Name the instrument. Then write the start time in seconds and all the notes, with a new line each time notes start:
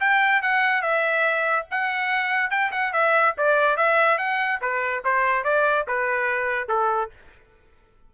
trumpet
0.00 G5
0.42 F#5
0.82 E5
1.71 F#5
2.50 G5
2.72 F#5
2.93 E5
3.37 D5
3.76 E5
4.18 F#5
4.61 B4
5.04 C5
5.44 D5
5.88 B4
6.68 A4